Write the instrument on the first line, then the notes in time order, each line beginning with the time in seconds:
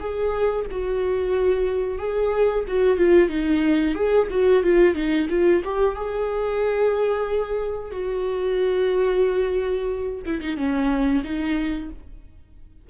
viola
0.00 G#4
0.71 F#4
1.99 G#4
2.68 F#4
2.98 F4
3.30 D#4
3.95 G#4
4.31 F#4
4.63 F4
4.95 D#4
5.30 F4
5.65 G4
5.96 G#4
7.92 F#4
10.26 E4
10.41 D#4
10.57 C#4
11.24 D#4